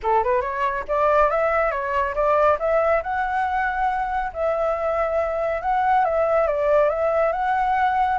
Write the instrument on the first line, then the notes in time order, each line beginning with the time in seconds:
flute
0.02 A4
0.23 B4
0.41 C#5
0.88 D5
1.30 E5
1.71 C#5
2.14 D5
2.59 E5
3.02 F#5
4.33 E5
5.61 F#5
6.04 E5
6.47 D5
6.89 E5
7.32 F#5